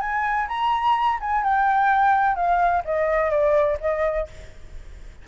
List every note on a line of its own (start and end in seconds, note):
0.00 0.47 G#5
0.48 1.19 A#5
1.20 1.43 G#5
1.43 2.36 G5
2.36 2.83 F5
2.85 3.30 D#5
3.30 3.78 D5
3.80 4.27 D#5